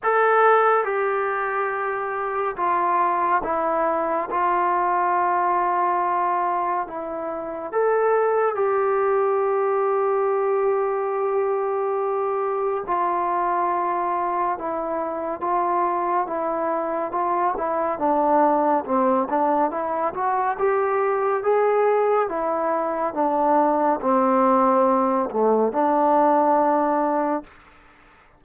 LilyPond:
\new Staff \with { instrumentName = "trombone" } { \time 4/4 \tempo 4 = 70 a'4 g'2 f'4 | e'4 f'2. | e'4 a'4 g'2~ | g'2. f'4~ |
f'4 e'4 f'4 e'4 | f'8 e'8 d'4 c'8 d'8 e'8 fis'8 | g'4 gis'4 e'4 d'4 | c'4. a8 d'2 | }